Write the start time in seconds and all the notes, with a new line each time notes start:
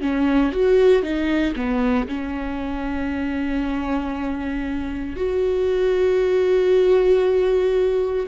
0.00 C#4
0.52 F#4
1.02 D#4
1.55 B3
2.07 C#4
5.16 F#4